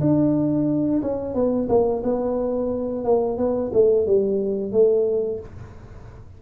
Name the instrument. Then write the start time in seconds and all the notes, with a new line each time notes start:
tuba
0.00 D4
1.01 C#4
1.34 B3
1.68 A#3
2.03 B3
3.04 A#3
3.37 B3
3.73 A3
4.06 G3
4.72 A3